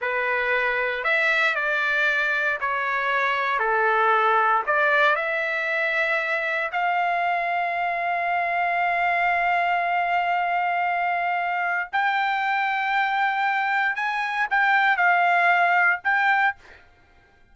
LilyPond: \new Staff \with { instrumentName = "trumpet" } { \time 4/4 \tempo 4 = 116 b'2 e''4 d''4~ | d''4 cis''2 a'4~ | a'4 d''4 e''2~ | e''4 f''2.~ |
f''1~ | f''2. g''4~ | g''2. gis''4 | g''4 f''2 g''4 | }